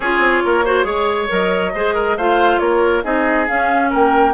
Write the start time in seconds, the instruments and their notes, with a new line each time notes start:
0.00 bassoon C#4, clarinet F4, oboe G#4, flute C#5
0.18 bassoon C4
0.44 bassoon A#3, oboe A#4
0.65 clarinet F#4, oboe C5
0.83 bassoon G#3, clarinet G#4, oboe C#5
1.28 bassoon F#3, clarinet A#4, flute D#5
1.74 bassoon G#3, clarinet G#4, oboe C5
1.94 oboe A#4
2.16 bassoon A3, clarinet F4, oboe C5, flute F5
2.59 bassoon A#3, oboe A#4, flute C#5
3.03 bassoon C4, clarinet D#4, oboe G#4, flute D#5
3.47 clarinet C#4, bassoon C#4, flute F5
3.89 bassoon A#3, oboe A#4, flute G5